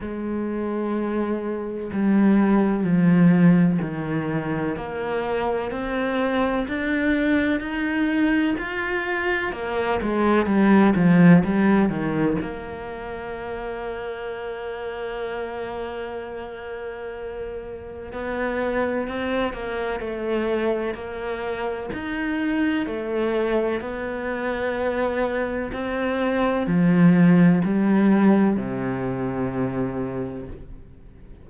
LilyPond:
\new Staff \with { instrumentName = "cello" } { \time 4/4 \tempo 4 = 63 gis2 g4 f4 | dis4 ais4 c'4 d'4 | dis'4 f'4 ais8 gis8 g8 f8 | g8 dis8 ais2.~ |
ais2. b4 | c'8 ais8 a4 ais4 dis'4 | a4 b2 c'4 | f4 g4 c2 | }